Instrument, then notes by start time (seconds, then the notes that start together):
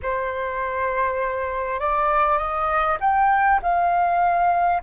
flute
0.02 C5
1.79 D5
2.37 D#5
3.00 G5
3.62 F5